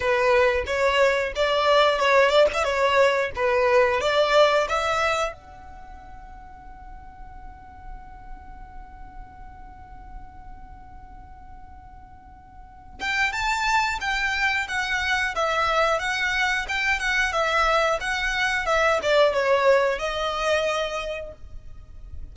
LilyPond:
\new Staff \with { instrumentName = "violin" } { \time 4/4 \tempo 4 = 90 b'4 cis''4 d''4 cis''8 d''16 e''16 | cis''4 b'4 d''4 e''4 | fis''1~ | fis''1~ |
fis''2.~ fis''8 g''8 | a''4 g''4 fis''4 e''4 | fis''4 g''8 fis''8 e''4 fis''4 | e''8 d''8 cis''4 dis''2 | }